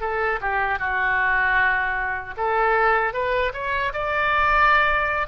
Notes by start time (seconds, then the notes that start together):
0.00 A4
0.41 G4
0.79 F#4
2.37 A4
3.13 B4
3.53 C#5
3.93 D5